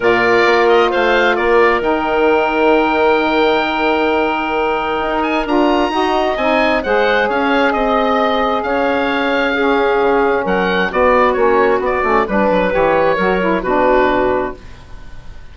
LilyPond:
<<
  \new Staff \with { instrumentName = "oboe" } { \time 4/4 \tempo 4 = 132 d''4. dis''8 f''4 d''4 | g''1~ | g''2.~ g''8 gis''8 | ais''2 gis''4 fis''4 |
f''4 dis''2 f''4~ | f''2. fis''4 | d''4 cis''4 d''4 b'4 | cis''2 b'2 | }
  \new Staff \with { instrumentName = "clarinet" } { \time 4/4 ais'2 c''4 ais'4~ | ais'1~ | ais'1~ | ais'4 dis''2 c''4 |
cis''4 dis''2 cis''4~ | cis''4 gis'2 ais'4 | fis'2. b'4~ | b'4 ais'4 fis'2 | }
  \new Staff \with { instrumentName = "saxophone" } { \time 4/4 f'1 | dis'1~ | dis'1 | f'4 fis'4 dis'4 gis'4~ |
gis'1~ | gis'4 cis'2. | b4 cis'4 b8 cis'8 d'4 | g'4 fis'8 e'8 d'2 | }
  \new Staff \with { instrumentName = "bassoon" } { \time 4/4 ais,4 ais4 a4 ais4 | dis1~ | dis2. dis'4 | d'4 dis'4 c'4 gis4 |
cis'4 c'2 cis'4~ | cis'2 cis4 fis4 | b4 ais4 b8 a8 g8 fis8 | e4 fis4 b,2 | }
>>